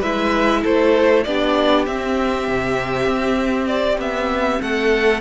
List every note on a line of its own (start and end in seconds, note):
0.00 0.64 G#3
0.00 1.26 E4
0.00 0.61 B4
0.00 0.63 E5
0.62 1.26 A3
0.62 1.24 A4
0.62 1.24 C5
1.24 1.87 B3
1.24 1.87 D4
1.24 4.63 G4
1.24 1.85 D5
1.86 2.48 C4
1.86 5.21 C4
1.86 3.68 E5
2.48 3.07 C3
3.07 3.98 C4
3.68 3.98 D5
3.98 4.59 B3
3.98 4.62 E5
4.62 5.21 A3
4.62 5.21 A4
4.62 5.21 F#5